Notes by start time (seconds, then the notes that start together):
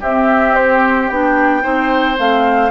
0.00 C4 G4 E5
0.54 C5
1.08 B3 D4 G5
1.60 C4 D#4 C5
2.18 A3 C4 F5